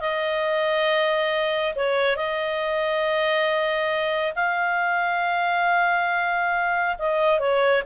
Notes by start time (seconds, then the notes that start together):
0.00 D#5
1.75 C#5
2.16 D#5
4.35 F5
6.98 D#5
7.39 C#5